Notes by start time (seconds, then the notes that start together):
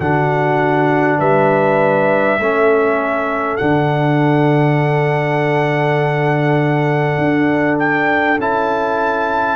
0.00 D3 D4 F#4 F#5
1.19 G3 B4 E5
2.39 A3 C#4 A4
3.57 D3 D4 F#5
7.18 D4
7.79 G5
8.38 C#4 E4 A5